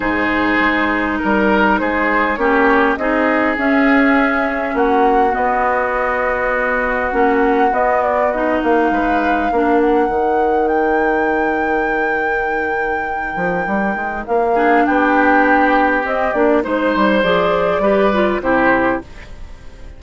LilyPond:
<<
  \new Staff \with { instrumentName = "flute" } { \time 4/4 \tempo 4 = 101 c''2 ais'4 c''4 | cis''4 dis''4 e''2 | fis''4 dis''2. | fis''4 dis''8 d''8 dis''8 f''4.~ |
f''8 fis''4. g''2~ | g''1 | f''4 g''2 dis''8 d''8 | c''4 d''2 c''4 | }
  \new Staff \with { instrumentName = "oboe" } { \time 4/4 gis'2 ais'4 gis'4 | g'4 gis'2. | fis'1~ | fis'2. b'4 |
ais'1~ | ais'1~ | ais'8 gis'8 g'2. | c''2 b'4 g'4 | }
  \new Staff \with { instrumentName = "clarinet" } { \time 4/4 dis'1 | cis'4 dis'4 cis'2~ | cis'4 b2. | cis'4 b4 dis'2 |
d'4 dis'2.~ | dis'1~ | dis'8 d'2~ d'8 c'8 d'8 | dis'4 gis'4 g'8 f'8 e'4 | }
  \new Staff \with { instrumentName = "bassoon" } { \time 4/4 gis,4 gis4 g4 gis4 | ais4 c'4 cis'2 | ais4 b2. | ais4 b4. ais8 gis4 |
ais4 dis2.~ | dis2~ dis8 f8 g8 gis8 | ais4 b2 c'8 ais8 | gis8 g8 f4 g4 c4 | }
>>